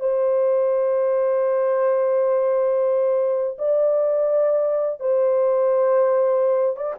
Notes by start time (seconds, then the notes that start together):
0.00 C5
3.58 D5
5.00 C5
6.76 D5